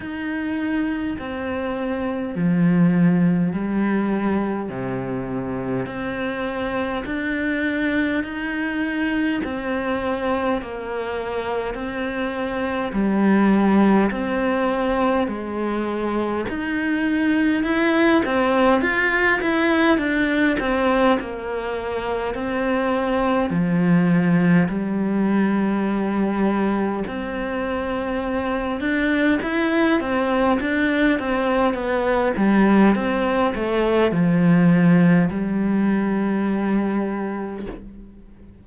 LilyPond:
\new Staff \with { instrumentName = "cello" } { \time 4/4 \tempo 4 = 51 dis'4 c'4 f4 g4 | c4 c'4 d'4 dis'4 | c'4 ais4 c'4 g4 | c'4 gis4 dis'4 e'8 c'8 |
f'8 e'8 d'8 c'8 ais4 c'4 | f4 g2 c'4~ | c'8 d'8 e'8 c'8 d'8 c'8 b8 g8 | c'8 a8 f4 g2 | }